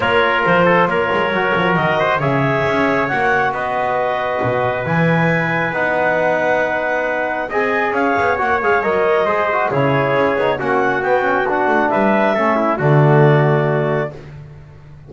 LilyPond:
<<
  \new Staff \with { instrumentName = "clarinet" } { \time 4/4 \tempo 4 = 136 cis''4 c''4 cis''2 | dis''4 e''2 fis''4 | dis''2. gis''4~ | gis''4 fis''2.~ |
fis''4 gis''4 f''4 fis''8 f''8 | dis''2 cis''2 | fis''4 g''4 fis''4 e''4~ | e''4 d''2. | }
  \new Staff \with { instrumentName = "trumpet" } { \time 4/4 ais'4. a'8 ais'2~ | ais'8 c''8 cis''2. | b'1~ | b'1~ |
b'4 dis''4 cis''2~ | cis''4 c''4 gis'2 | fis'2. b'4 | a'8 e'8 fis'2. | }
  \new Staff \with { instrumentName = "trombone" } { \time 4/4 f'2. fis'4~ | fis'4 gis'2 fis'4~ | fis'2. e'4~ | e'4 dis'2.~ |
dis'4 gis'2 fis'8 gis'8 | ais'4 gis'8 fis'8 e'4. dis'8 | cis'4 b8 cis'8 d'2 | cis'4 a2. | }
  \new Staff \with { instrumentName = "double bass" } { \time 4/4 ais4 f4 ais8 gis8 fis8 f8 | dis4 cis4 cis'4 ais4 | b2 b,4 e4~ | e4 b2.~ |
b4 c'4 cis'8 b8 ais8 gis8 | fis4 gis4 cis4 cis'8 b8 | ais4 b4. a8 g4 | a4 d2. | }
>>